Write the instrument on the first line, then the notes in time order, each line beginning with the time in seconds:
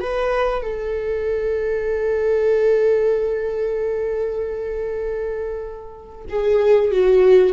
viola
0.00 B4
0.62 A4
6.29 G#4
6.91 F#4